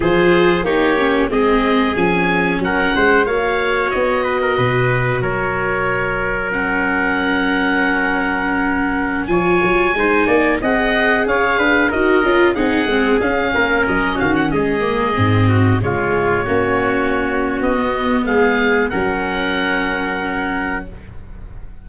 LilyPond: <<
  \new Staff \with { instrumentName = "oboe" } { \time 4/4 \tempo 4 = 92 c''4 cis''4 dis''4 gis''4 | fis''4 f''4 dis''2 | cis''2 fis''2~ | fis''2~ fis''16 gis''4.~ gis''16~ |
gis''16 fis''4 f''4 dis''4 fis''8.~ | fis''16 f''4 dis''8 f''16 fis''16 dis''4.~ dis''16~ | dis''16 cis''2~ cis''8. dis''4 | f''4 fis''2. | }
  \new Staff \with { instrumentName = "trumpet" } { \time 4/4 gis'4 g'4 gis'2 | ais'8 c''8 cis''4. b'16 ais'16 b'4 | ais'1~ | ais'2~ ais'16 cis''4 c''8 d''16~ |
d''16 dis''4 cis''8 b'8 ais'4 gis'8.~ | gis'8. ais'4 fis'8 gis'4. fis'16~ | fis'16 f'4 fis'2~ fis'8. | gis'4 ais'2. | }
  \new Staff \with { instrumentName = "viola" } { \time 4/4 f'4 dis'8 cis'8 c'4 cis'4~ | cis'4 fis'2.~ | fis'2 cis'2~ | cis'2~ cis'16 f'4 dis'8.~ |
dis'16 gis'2 fis'8 f'8 dis'8 c'16~ | c'16 cis'2~ cis'8 ais8 c'8.~ | c'16 gis4 cis'2 b8.~ | b4 cis'2. | }
  \new Staff \with { instrumentName = "tuba" } { \time 4/4 f4 ais4 gis4 f4 | fis8 gis8 ais4 b4 b,4 | fis1~ | fis2~ fis16 f8 fis8 gis8 ais16~ |
ais16 c'4 cis'8 d'8 dis'8 cis'8 c'8 gis16~ | gis16 cis'8 ais8 fis8 dis8 gis4 gis,8.~ | gis,16 cis4 ais4.~ ais16 b4 | gis4 fis2. | }
>>